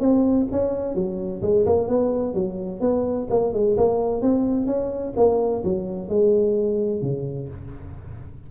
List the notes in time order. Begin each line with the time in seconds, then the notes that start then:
0.00 C4
0.52 C#4
0.95 F#3
1.43 G#3
1.66 A#3
1.88 B3
2.34 F#3
2.81 B3
3.30 A#3
3.53 G#3
3.77 A#3
4.22 C4
4.66 C#4
5.17 A#3
5.64 F#3
6.09 G#3
7.02 C#3